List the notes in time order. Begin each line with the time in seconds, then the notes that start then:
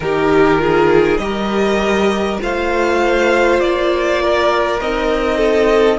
0.00 D#3 D#4 G4 A#4
0.58 F4 G#4
1.17 G3 G4 A#4 D#5
2.39 A3 F4 C5 F5
3.60 A#3 D5
4.22 A#4
4.80 C4 D#4 D#5
5.37 A4